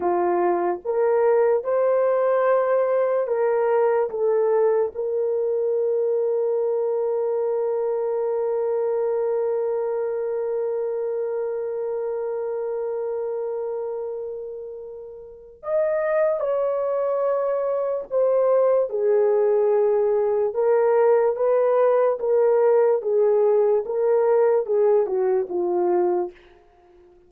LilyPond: \new Staff \with { instrumentName = "horn" } { \time 4/4 \tempo 4 = 73 f'4 ais'4 c''2 | ais'4 a'4 ais'2~ | ais'1~ | ais'1~ |
ais'2. dis''4 | cis''2 c''4 gis'4~ | gis'4 ais'4 b'4 ais'4 | gis'4 ais'4 gis'8 fis'8 f'4 | }